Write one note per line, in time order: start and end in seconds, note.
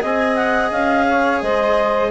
0.00 0.71 C4
0.00 2.10 G#4
0.00 1.07 D#5
0.00 0.35 G#5
0.35 0.70 F#5
0.71 1.42 C#4
0.71 1.41 F5
1.08 1.42 C#5
1.41 2.10 G#3
1.41 2.10 C5
1.41 2.10 D#5